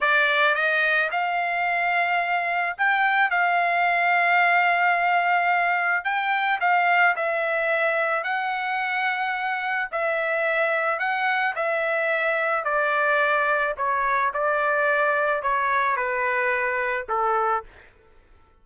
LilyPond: \new Staff \with { instrumentName = "trumpet" } { \time 4/4 \tempo 4 = 109 d''4 dis''4 f''2~ | f''4 g''4 f''2~ | f''2. g''4 | f''4 e''2 fis''4~ |
fis''2 e''2 | fis''4 e''2 d''4~ | d''4 cis''4 d''2 | cis''4 b'2 a'4 | }